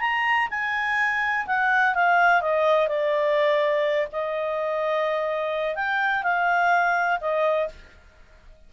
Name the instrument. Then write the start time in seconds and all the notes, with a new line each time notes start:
clarinet
0.00 A#5
0.50 G#5
1.46 F#5
1.95 F5
2.41 D#5
2.88 D5
4.12 D#5
5.75 G5
6.23 F5
7.20 D#5